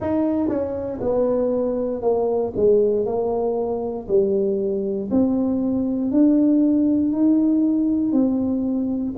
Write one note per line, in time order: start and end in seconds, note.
0.00 0.48 D#4
0.48 0.99 C#4
1.00 2.02 B3
2.02 2.52 A#3
2.56 3.05 G#3
3.05 4.07 A#3
4.08 5.09 G3
5.11 6.11 C4
6.11 7.12 D4
7.12 8.12 D#4
8.12 9.13 C4